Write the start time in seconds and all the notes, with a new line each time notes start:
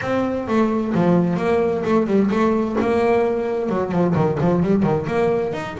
0.01 C4
0.47 A3
0.94 F3
1.37 A#3
1.84 A3
2.06 G3
2.30 A3
2.80 A#3
3.69 F#3
3.91 F3
4.15 D#3
4.40 F3
4.63 G3
4.83 D#3
5.06 A#3
5.53 D#4